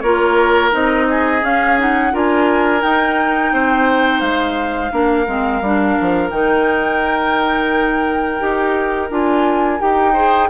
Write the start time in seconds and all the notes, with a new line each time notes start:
0.00 A#3 F4 A#4 C#5
0.72 C4 D#4 D#5
1.10 G#4
1.42 C#4 F5
1.78 D#4 F#5
2.12 D4 F4 A#4 G#5
2.81 D#4 G5
3.53 C4 C5
4.20 G#3 F5
4.91 A#3 D4 A#4
5.27 G#3 C4
5.61 G3 D4
6.01 F3
6.30 D#3 D#4 G5
8.40 D#4 G4
9.10 D4 F4 G#5
9.79 D#4 G4 G5
10.13 G#4 C5